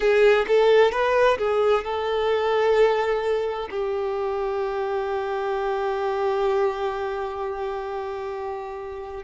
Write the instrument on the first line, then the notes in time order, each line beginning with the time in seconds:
violin
0.00 G#4
0.47 A4
0.91 B4
1.38 G#4
1.84 A4
3.70 G4